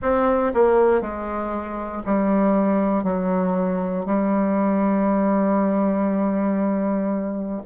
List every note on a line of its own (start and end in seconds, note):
0.01 0.52 C4
0.54 1.01 A#3
1.01 2.02 G#3
2.05 3.03 G3
3.03 4.05 F#3
4.05 7.61 G3